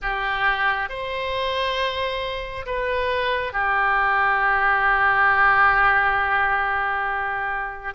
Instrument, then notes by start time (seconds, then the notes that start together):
oboe
0.02 G4
0.89 C5
2.66 B4
3.53 G4